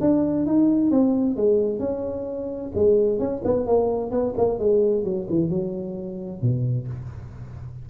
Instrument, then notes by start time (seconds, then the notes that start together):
tuba
0.00 D4
0.46 D#4
0.91 C4
1.36 G#3
1.79 C#4
2.74 G#3
3.19 C#4
3.44 B3
3.66 A#3
4.10 B3
4.37 A#3
4.59 G#3
5.04 F#3
5.29 E3
5.49 F#3
6.41 B2